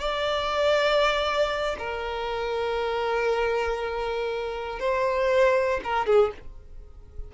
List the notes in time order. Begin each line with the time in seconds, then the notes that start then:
0.00 D5
1.79 A#4
4.80 C5
5.84 A#4
6.06 G#4